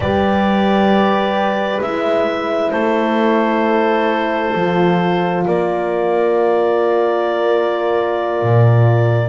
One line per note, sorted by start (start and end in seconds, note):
0.00 1.78 G3
0.00 1.83 G4
0.00 2.72 B4
0.00 1.81 D5
1.80 2.71 G#3
1.80 4.56 E4
1.80 2.70 E5
2.70 4.55 A3
2.70 5.45 A4
2.70 5.43 C5
4.55 5.45 F3
4.55 9.28 F4
5.45 8.41 A#3
5.45 9.28 A#4
5.45 9.28 D5
8.41 9.28 A#2